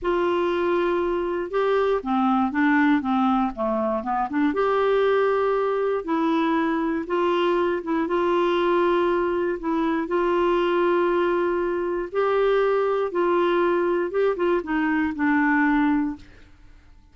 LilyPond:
\new Staff \with { instrumentName = "clarinet" } { \time 4/4 \tempo 4 = 119 f'2. g'4 | c'4 d'4 c'4 a4 | b8 d'8 g'2. | e'2 f'4. e'8 |
f'2. e'4 | f'1 | g'2 f'2 | g'8 f'8 dis'4 d'2 | }